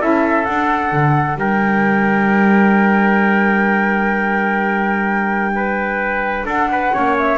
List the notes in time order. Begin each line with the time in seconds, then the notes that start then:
0.00 C#4 E4 A4 E5
0.45 D4 F#5
0.92 D3
1.35 G3 A#4 G5
5.55 B4
6.45 D4 A4 F#5
6.71 B4
6.92 A#3 C#4 C#5
7.18 E5